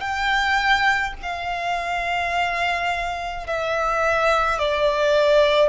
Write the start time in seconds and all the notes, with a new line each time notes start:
0.00 G5
1.22 F5
3.47 E5
4.58 D5